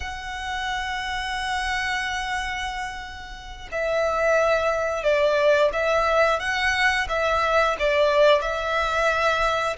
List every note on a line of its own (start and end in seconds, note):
0.00 3.68 F#5
3.71 5.03 E5
5.03 5.71 D5
5.72 6.39 E5
6.39 7.07 F#5
7.08 7.76 E5
7.79 8.41 D5
8.41 9.76 E5